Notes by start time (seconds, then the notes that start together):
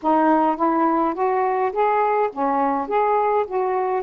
0.02 D#4
0.56 E4
1.14 F#4
1.72 G#4
2.32 C#4
2.88 G#4
3.47 F#4